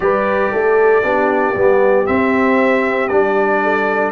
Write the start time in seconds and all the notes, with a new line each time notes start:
0.00 G3 G4 B4 D5
0.51 A3 A4
1.03 B3 D4 G4
1.55 G3 B3
2.05 C4 E5
3.08 G3 D4 D5
3.62 A4